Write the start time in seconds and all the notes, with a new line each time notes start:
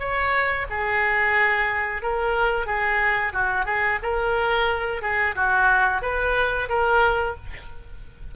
0.00 C#5
0.70 G#4
2.02 A#4
2.67 G#4
3.34 F#4
3.66 G#4
4.03 A#4
5.02 G#4
5.36 F#4
6.02 B4
6.69 A#4